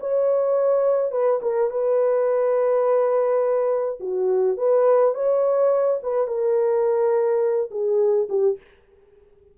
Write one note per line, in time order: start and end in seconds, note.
0.00 1.11 C#5
1.11 1.40 B4
1.42 1.70 A#4
1.70 3.99 B4
4.00 4.57 F#4
4.57 5.14 B4
5.14 6.00 C#5
6.03 6.27 B4
6.27 7.70 A#4
7.71 8.28 G#4
8.29 8.58 G4